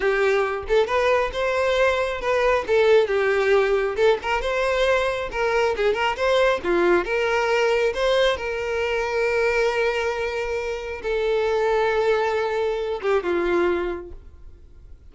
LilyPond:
\new Staff \with { instrumentName = "violin" } { \time 4/4 \tempo 4 = 136 g'4. a'8 b'4 c''4~ | c''4 b'4 a'4 g'4~ | g'4 a'8 ais'8 c''2 | ais'4 gis'8 ais'8 c''4 f'4 |
ais'2 c''4 ais'4~ | ais'1~ | ais'4 a'2.~ | a'4. g'8 f'2 | }